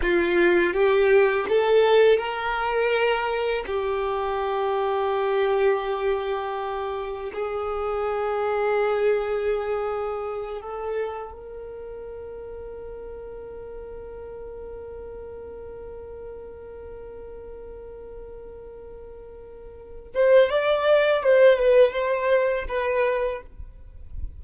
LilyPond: \new Staff \with { instrumentName = "violin" } { \time 4/4 \tempo 4 = 82 f'4 g'4 a'4 ais'4~ | ais'4 g'2.~ | g'2 gis'2~ | gis'2~ gis'8 a'4 ais'8~ |
ais'1~ | ais'1~ | ais'2.~ ais'8 c''8 | d''4 c''8 b'8 c''4 b'4 | }